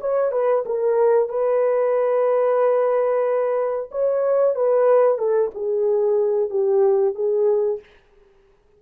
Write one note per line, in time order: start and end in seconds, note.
0.00 0.31 C#5
0.31 0.64 B4
0.66 1.29 A#4
1.29 3.90 B4
3.91 4.55 C#5
4.55 5.18 B4
5.18 5.50 A4
5.54 6.50 G#4
6.50 7.15 G4
7.15 7.80 G#4